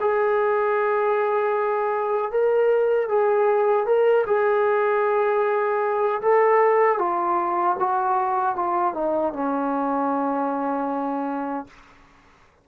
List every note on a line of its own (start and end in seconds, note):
0.00 2.31 G#4
2.31 3.09 A#4
3.09 3.86 G#4
3.86 4.25 A#4
4.26 6.21 G#4
6.22 6.98 A4
6.98 7.76 F4
7.79 8.55 F#4
8.55 8.94 F4
8.94 9.33 D#4
9.33 11.67 C#4